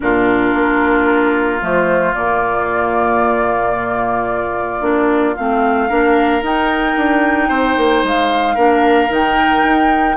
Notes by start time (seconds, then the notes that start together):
0.00 A#2 D4 F4 A#4
0.54 A#3
1.60 F3 A3 C5
2.14 A#2 A#3 D5
4.80 A#3 D4
5.36 A3 C4 F5
5.88 A#3 D4 A#4
6.41 D#4 G5
6.96 D4
7.48 C4 C5
7.76 A#3
8.03 G#3 F5
8.54 A#3 D4 A#4
9.08 D#3 D#4 G5
9.63 D#4